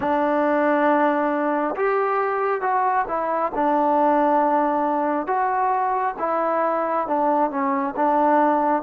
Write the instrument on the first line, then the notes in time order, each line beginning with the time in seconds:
trombone
0.00 D4
1.76 G4
2.61 F#4
3.08 E4
3.55 D4
5.26 F#4
6.18 E4
7.07 D4
7.50 C#4
7.96 D4